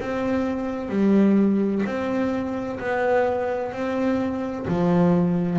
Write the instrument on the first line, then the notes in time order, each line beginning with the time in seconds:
double bass
0.00 C4
0.89 G3
1.86 C4
2.80 B3
3.72 C4
4.68 F3